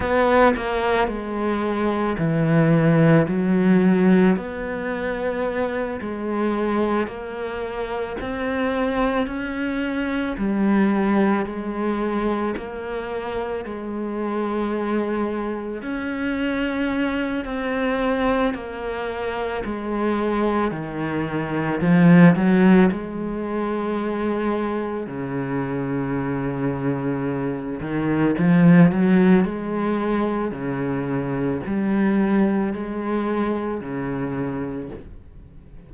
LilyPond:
\new Staff \with { instrumentName = "cello" } { \time 4/4 \tempo 4 = 55 b8 ais8 gis4 e4 fis4 | b4. gis4 ais4 c'8~ | c'8 cis'4 g4 gis4 ais8~ | ais8 gis2 cis'4. |
c'4 ais4 gis4 dis4 | f8 fis8 gis2 cis4~ | cis4. dis8 f8 fis8 gis4 | cis4 g4 gis4 cis4 | }